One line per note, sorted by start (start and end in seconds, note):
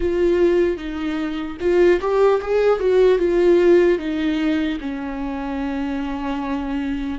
0.00 0.77 F4
0.77 1.57 D#4
1.60 2.00 F4
2.00 2.40 G4
2.41 2.79 G#4
2.79 3.18 F#4
3.18 3.98 F4
3.98 4.78 D#4
4.80 7.18 C#4